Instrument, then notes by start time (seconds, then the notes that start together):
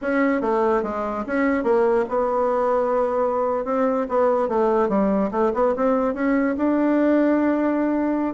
bassoon
0.01 C#4
0.41 A3
0.83 G#3
1.26 C#4
1.63 A#3
2.09 B3
3.65 C4
4.08 B3
4.48 A3
4.88 G3
5.31 A3
5.54 B3
5.76 C4
6.14 C#4
6.57 D4